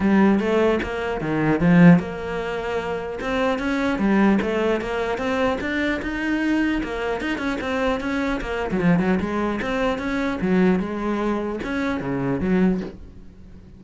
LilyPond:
\new Staff \with { instrumentName = "cello" } { \time 4/4 \tempo 4 = 150 g4 a4 ais4 dis4 | f4 ais2. | c'4 cis'4 g4 a4 | ais4 c'4 d'4 dis'4~ |
dis'4 ais4 dis'8 cis'8 c'4 | cis'4 ais8. fis16 f8 fis8 gis4 | c'4 cis'4 fis4 gis4~ | gis4 cis'4 cis4 fis4 | }